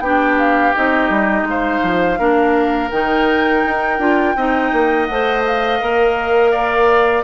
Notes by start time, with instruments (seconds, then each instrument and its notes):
0.00 bassoon B3, clarinet D4, oboe G4, flute G5
0.38 flute F5
0.75 bassoon C4, clarinet D#4, flute D#5
1.10 bassoon G3
1.43 bassoon G#3
1.49 oboe C5, flute F5
1.83 bassoon F3
2.18 bassoon A#3, clarinet D4, oboe A#4
2.91 bassoon D#3, clarinet D#4, flute G5
3.66 bassoon D#4
3.99 bassoon D4, clarinet F4
4.36 bassoon C4, clarinet D#4, oboe D#5
4.72 bassoon A#3
5.06 bassoon A3, clarinet C5, flute F#5
5.47 flute F5
5.80 bassoon A#3, clarinet A#4
6.51 oboe D5